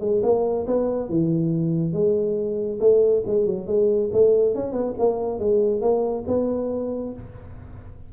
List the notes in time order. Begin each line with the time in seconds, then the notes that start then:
0.00 G#3
0.23 A#3
0.67 B3
1.09 E3
1.92 G#3
2.80 A3
3.26 G#3
3.46 F#3
3.67 G#3
4.12 A3
4.55 C#4
4.72 B3
4.98 A#3
5.39 G#3
5.81 A#3
6.27 B3